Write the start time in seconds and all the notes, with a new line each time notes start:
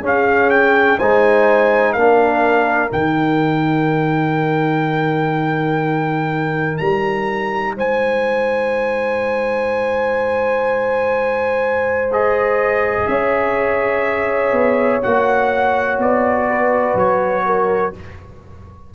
0.00 C#4 G#4 F5
0.50 G5
0.99 G#3 D#4 C5 G#5
1.93 A#3 D4 A#4 F5
2.89 D#3 D#4 G5
6.78 G3 A#5
7.77 G#3 C5 G#5
12.12 G#4 D#5
13.07 C#4 C#5 E5
14.52 B3
15.02 A#3 F#4 F#5
15.98 B3 D5
16.49 B4
16.95 F#3 C#5
17.46 A#4